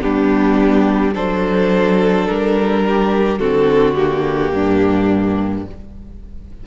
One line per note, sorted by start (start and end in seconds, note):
0.00 1.15 G3
0.00 1.13 B3
0.00 1.14 D4
0.00 1.14 G4
1.14 2.28 F#3
1.14 3.39 D4
1.14 2.83 A4
1.14 2.26 C5
2.26 3.39 G3
2.26 3.38 A#4
2.86 3.39 G4
3.38 4.52 D3
3.38 3.96 C4
3.38 4.52 F#4
3.38 3.94 A4
3.94 5.66 A#3
3.94 5.64 G4
4.53 5.66 G2
4.53 5.66 D4